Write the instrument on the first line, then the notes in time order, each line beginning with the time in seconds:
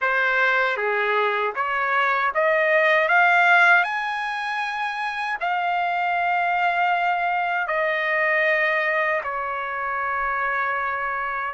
trumpet
0.01 C5
0.77 G#4
1.55 C#5
2.34 D#5
3.08 F5
3.83 G#5
5.40 F5
7.67 D#5
9.23 C#5